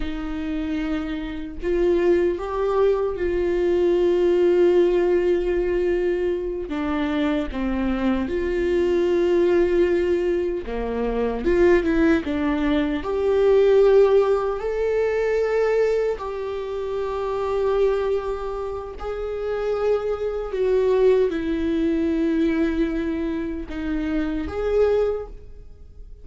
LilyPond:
\new Staff \with { instrumentName = "viola" } { \time 4/4 \tempo 4 = 76 dis'2 f'4 g'4 | f'1~ | f'8 d'4 c'4 f'4.~ | f'4. ais4 f'8 e'8 d'8~ |
d'8 g'2 a'4.~ | a'8 g'2.~ g'8 | gis'2 fis'4 e'4~ | e'2 dis'4 gis'4 | }